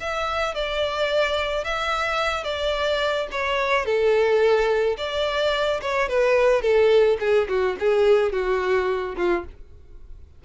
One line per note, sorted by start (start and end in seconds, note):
0.00 0.55 E5
0.55 1.64 D5
1.64 2.44 E5
2.44 3.27 D5
3.31 3.86 C#5
3.86 4.97 A4
4.97 5.81 D5
5.81 6.09 C#5
6.09 6.62 B4
6.62 7.17 A4
7.20 7.48 G#4
7.49 7.77 F#4
7.79 8.32 G#4
8.32 9.15 F#4
9.17 9.44 F4